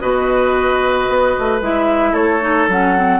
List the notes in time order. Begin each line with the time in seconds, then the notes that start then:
0.00 B2 F#4 B4 D#5
1.09 B3
1.39 A3
1.61 G#3 E4 E5
2.12 A3 A4 C#5
2.41 D#4
2.68 F#3 C#4 F#5
2.97 C4